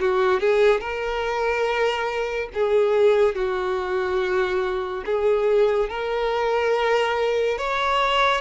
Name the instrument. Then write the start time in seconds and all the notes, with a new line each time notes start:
violin
0.00 F#4
0.40 G#4
0.80 A#4
2.54 G#4
3.35 F#4
5.06 G#4
5.89 A#4
7.58 C#5